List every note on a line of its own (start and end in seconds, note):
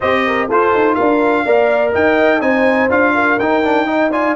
0.00 0.50 C4
0.00 0.49 G4
0.00 0.23 C5
0.00 0.49 D#5
0.26 0.48 A#4
0.48 0.74 F4
0.48 1.46 F4
0.48 0.95 A4
0.48 0.95 C5
0.74 0.98 D#4
0.95 1.45 D4
0.95 1.43 A#4
0.95 1.91 F5
1.45 1.93 A#3
1.45 2.40 A#4
1.45 1.92 D5
1.92 2.40 D#4
1.92 2.40 D#5
1.92 2.41 G5
2.40 2.89 C4
2.40 2.89 D#4
2.40 3.12 C5
2.40 2.89 G#5
2.89 3.38 D4
2.89 3.37 F4
2.89 3.39 F5
3.14 3.87 A#4
3.38 4.35 D#4
3.38 3.63 D#4
3.38 4.11 G5
3.63 3.86 D4
3.86 4.10 D#4
3.86 4.11 D#5
4.11 4.35 F4
4.11 4.35 D5
4.11 4.35 G#5